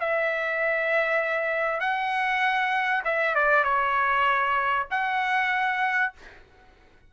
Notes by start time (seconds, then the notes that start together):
0.00 E5
1.81 F#5
3.05 E5
3.35 D5
3.64 C#5
4.91 F#5